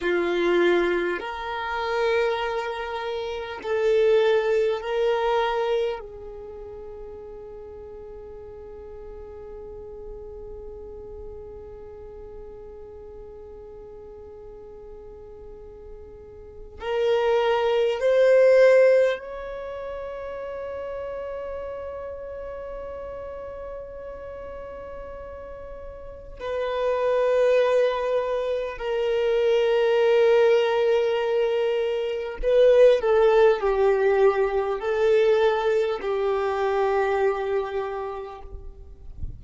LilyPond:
\new Staff \with { instrumentName = "violin" } { \time 4/4 \tempo 4 = 50 f'4 ais'2 a'4 | ais'4 gis'2.~ | gis'1~ | gis'2 ais'4 c''4 |
cis''1~ | cis''2 b'2 | ais'2. b'8 a'8 | g'4 a'4 g'2 | }